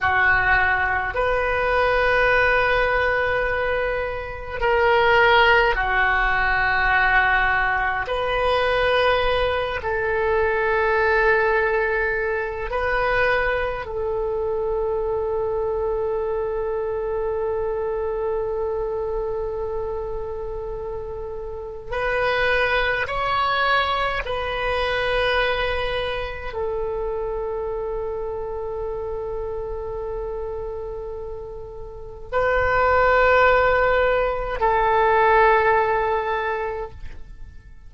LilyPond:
\new Staff \with { instrumentName = "oboe" } { \time 4/4 \tempo 4 = 52 fis'4 b'2. | ais'4 fis'2 b'4~ | b'8 a'2~ a'8 b'4 | a'1~ |
a'2. b'4 | cis''4 b'2 a'4~ | a'1 | b'2 a'2 | }